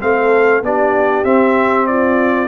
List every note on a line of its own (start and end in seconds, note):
0.00 0.62 A3
0.00 0.62 C4
0.00 0.64 A4
0.00 0.63 F5
0.62 1.24 B3
0.62 1.24 D4
0.62 1.88 G4
0.62 1.24 D5
1.24 2.48 C4
1.24 1.86 E5
1.86 2.48 F4
1.86 2.48 D5